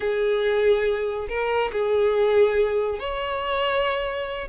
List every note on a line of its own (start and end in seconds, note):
0.00 1.28 G#4
1.28 1.71 A#4
1.72 2.99 G#4
2.99 4.48 C#5